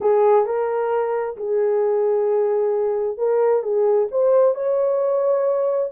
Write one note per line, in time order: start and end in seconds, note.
0.00 0.45 G#4
0.45 1.36 A#4
1.36 3.17 G#4
3.17 3.62 A#4
3.62 4.08 G#4
4.11 4.54 C5
4.54 5.91 C#5